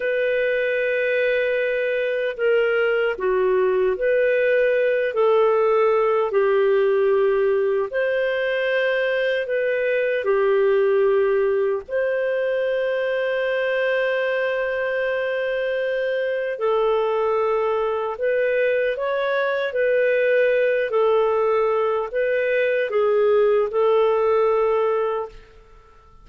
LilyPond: \new Staff \with { instrumentName = "clarinet" } { \time 4/4 \tempo 4 = 76 b'2. ais'4 | fis'4 b'4. a'4. | g'2 c''2 | b'4 g'2 c''4~ |
c''1~ | c''4 a'2 b'4 | cis''4 b'4. a'4. | b'4 gis'4 a'2 | }